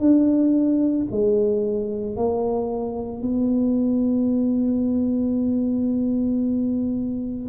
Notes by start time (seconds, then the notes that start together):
0.00 D4
1.12 G#3
2.17 A#3
3.22 B3